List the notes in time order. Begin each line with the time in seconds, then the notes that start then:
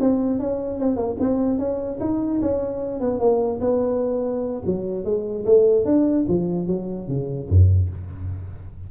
0.00 C4
0.39 C#4
0.79 C4
0.96 A#3
1.20 C4
1.58 C#4
2.00 D#4
2.41 C#4
3.00 B3
3.19 A#3
3.61 B3
4.65 F#3
5.04 G#3
5.45 A3
5.85 D4
6.28 F3
6.67 F#3
7.08 C#3
7.49 F#2